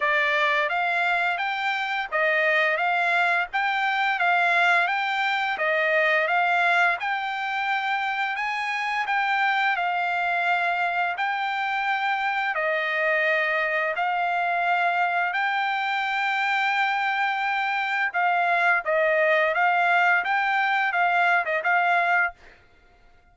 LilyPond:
\new Staff \with { instrumentName = "trumpet" } { \time 4/4 \tempo 4 = 86 d''4 f''4 g''4 dis''4 | f''4 g''4 f''4 g''4 | dis''4 f''4 g''2 | gis''4 g''4 f''2 |
g''2 dis''2 | f''2 g''2~ | g''2 f''4 dis''4 | f''4 g''4 f''8. dis''16 f''4 | }